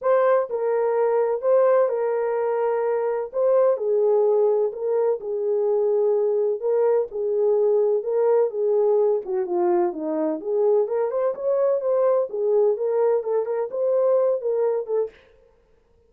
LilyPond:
\new Staff \with { instrumentName = "horn" } { \time 4/4 \tempo 4 = 127 c''4 ais'2 c''4 | ais'2. c''4 | gis'2 ais'4 gis'4~ | gis'2 ais'4 gis'4~ |
gis'4 ais'4 gis'4. fis'8 | f'4 dis'4 gis'4 ais'8 c''8 | cis''4 c''4 gis'4 ais'4 | a'8 ais'8 c''4. ais'4 a'8 | }